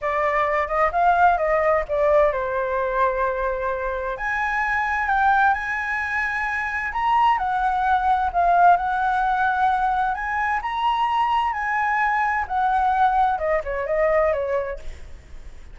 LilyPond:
\new Staff \with { instrumentName = "flute" } { \time 4/4 \tempo 4 = 130 d''4. dis''8 f''4 dis''4 | d''4 c''2.~ | c''4 gis''2 g''4 | gis''2. ais''4 |
fis''2 f''4 fis''4~ | fis''2 gis''4 ais''4~ | ais''4 gis''2 fis''4~ | fis''4 dis''8 cis''8 dis''4 cis''4 | }